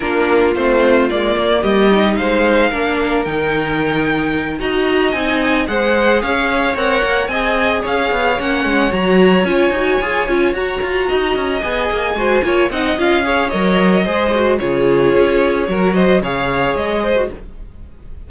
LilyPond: <<
  \new Staff \with { instrumentName = "violin" } { \time 4/4 \tempo 4 = 111 ais'4 c''4 d''4 dis''4 | f''2 g''2~ | g''8 ais''4 gis''4 fis''4 f''8~ | f''8 fis''4 gis''4 f''4 fis''8~ |
fis''8 ais''4 gis''2 ais''8~ | ais''4. gis''2 fis''8 | f''4 dis''2 cis''4~ | cis''4. dis''8 f''4 dis''4 | }
  \new Staff \with { instrumentName = "violin" } { \time 4/4 f'2. g'4 | c''4 ais'2.~ | ais'8 dis''2 c''4 cis''8~ | cis''4. dis''4 cis''4.~ |
cis''1~ | cis''8 dis''2 c''8 cis''8 dis''8~ | dis''8 cis''4. c''4 gis'4~ | gis'4 ais'8 c''8 cis''4. c''8 | }
  \new Staff \with { instrumentName = "viola" } { \time 4/4 d'4 c'4 ais4. dis'8~ | dis'4 d'4 dis'2~ | dis'8 fis'4 dis'4 gis'4.~ | gis'8 ais'4 gis'2 cis'8~ |
cis'8 fis'4 f'8 fis'8 gis'8 f'8 fis'8~ | fis'4. gis'4 fis'8 f'8 dis'8 | f'8 gis'8 ais'4 gis'8 fis'8 f'4~ | f'4 fis'4 gis'4.~ gis'16 fis'16 | }
  \new Staff \with { instrumentName = "cello" } { \time 4/4 ais4 a4 gis8 ais8 g4 | gis4 ais4 dis2~ | dis8 dis'4 c'4 gis4 cis'8~ | cis'8 c'8 ais8 c'4 cis'8 b8 ais8 |
gis8 fis4 cis'8 dis'8 f'8 cis'8 fis'8 | f'8 dis'8 cis'8 b8 ais8 gis8 ais8 c'8 | cis'4 fis4 gis4 cis4 | cis'4 fis4 cis4 gis4 | }
>>